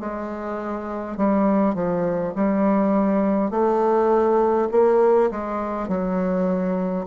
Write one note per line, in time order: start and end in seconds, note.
0.00 1.17 G#3
1.17 1.74 G3
1.74 2.33 F3
2.35 3.50 G3
3.50 4.68 A3
4.71 5.30 A#3
5.30 5.88 G#3
5.88 7.06 F#3